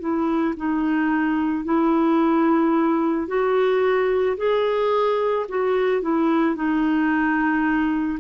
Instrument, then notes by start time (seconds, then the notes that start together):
clarinet
0.00 E4
0.57 D#4
1.65 E4
3.28 F#4
4.37 G#4
5.49 F#4
6.02 E4
6.56 D#4